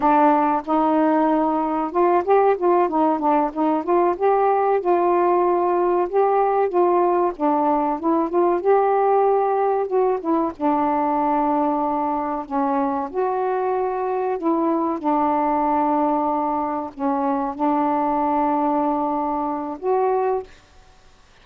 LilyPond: \new Staff \with { instrumentName = "saxophone" } { \time 4/4 \tempo 4 = 94 d'4 dis'2 f'8 g'8 | f'8 dis'8 d'8 dis'8 f'8 g'4 f'8~ | f'4. g'4 f'4 d'8~ | d'8 e'8 f'8 g'2 fis'8 |
e'8 d'2. cis'8~ | cis'8 fis'2 e'4 d'8~ | d'2~ d'8 cis'4 d'8~ | d'2. fis'4 | }